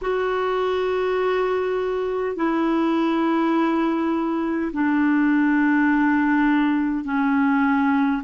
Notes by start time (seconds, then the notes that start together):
0.01 F#4
2.36 E4
4.73 D4
7.04 C#4